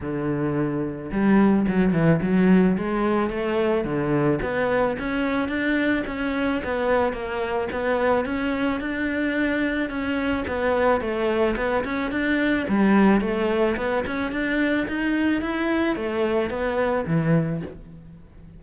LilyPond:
\new Staff \with { instrumentName = "cello" } { \time 4/4 \tempo 4 = 109 d2 g4 fis8 e8 | fis4 gis4 a4 d4 | b4 cis'4 d'4 cis'4 | b4 ais4 b4 cis'4 |
d'2 cis'4 b4 | a4 b8 cis'8 d'4 g4 | a4 b8 cis'8 d'4 dis'4 | e'4 a4 b4 e4 | }